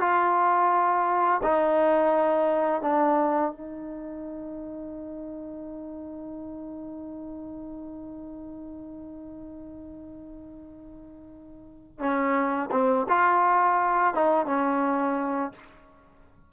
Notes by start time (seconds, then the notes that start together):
0.00 F4
1.43 D#4
2.81 D4
3.52 D#4
11.99 C#4
12.71 C4
13.09 F4
14.15 D#4
14.46 C#4